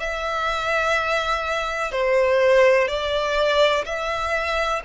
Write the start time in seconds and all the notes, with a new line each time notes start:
0.00 E5
1.92 C5
2.88 D5
3.85 E5